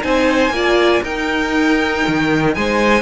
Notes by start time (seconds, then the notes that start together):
0.00 C4 D#4 C5 G#5
0.50 A#3 F4 D5
1.02 D#4 A#4 G5
2.07 D#3
2.54 G#3 C5 G#5